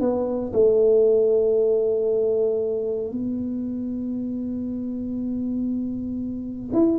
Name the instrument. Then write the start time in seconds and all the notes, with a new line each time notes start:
tuba
0.00 B3
0.52 A3
3.11 B3
6.73 E4